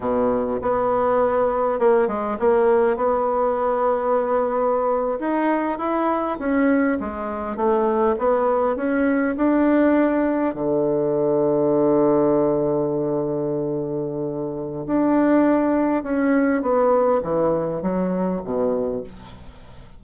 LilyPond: \new Staff \with { instrumentName = "bassoon" } { \time 4/4 \tempo 4 = 101 b,4 b2 ais8 gis8 | ais4 b2.~ | b8. dis'4 e'4 cis'4 gis16~ | gis8. a4 b4 cis'4 d'16~ |
d'4.~ d'16 d2~ d16~ | d1~ | d4 d'2 cis'4 | b4 e4 fis4 b,4 | }